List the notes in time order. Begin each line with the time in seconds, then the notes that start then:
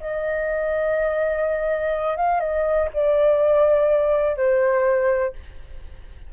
0.00 D#5
2.16 F5
2.40 D#5
2.93 D5
4.36 C5